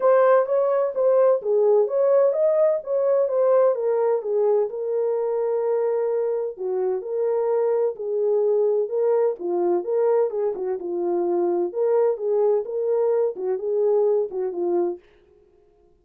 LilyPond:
\new Staff \with { instrumentName = "horn" } { \time 4/4 \tempo 4 = 128 c''4 cis''4 c''4 gis'4 | cis''4 dis''4 cis''4 c''4 | ais'4 gis'4 ais'2~ | ais'2 fis'4 ais'4~ |
ais'4 gis'2 ais'4 | f'4 ais'4 gis'8 fis'8 f'4~ | f'4 ais'4 gis'4 ais'4~ | ais'8 fis'8 gis'4. fis'8 f'4 | }